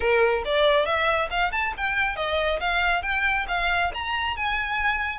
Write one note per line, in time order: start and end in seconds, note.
0.00 0.43 A#4
0.44 0.85 D5
0.85 1.28 E5
1.30 1.52 F5
1.52 1.73 A5
1.77 2.16 G5
2.16 2.59 D#5
2.60 3.02 F5
3.02 3.46 G5
3.48 3.91 F5
3.94 4.36 A#5
4.36 5.18 G#5